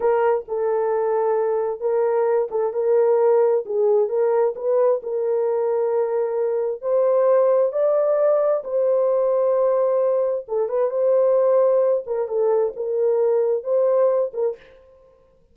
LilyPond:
\new Staff \with { instrumentName = "horn" } { \time 4/4 \tempo 4 = 132 ais'4 a'2. | ais'4. a'8 ais'2 | gis'4 ais'4 b'4 ais'4~ | ais'2. c''4~ |
c''4 d''2 c''4~ | c''2. a'8 b'8 | c''2~ c''8 ais'8 a'4 | ais'2 c''4. ais'8 | }